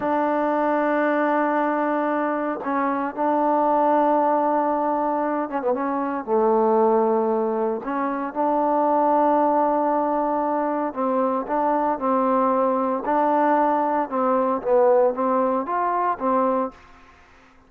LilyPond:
\new Staff \with { instrumentName = "trombone" } { \time 4/4 \tempo 4 = 115 d'1~ | d'4 cis'4 d'2~ | d'2~ d'8 cis'16 b16 cis'4 | a2. cis'4 |
d'1~ | d'4 c'4 d'4 c'4~ | c'4 d'2 c'4 | b4 c'4 f'4 c'4 | }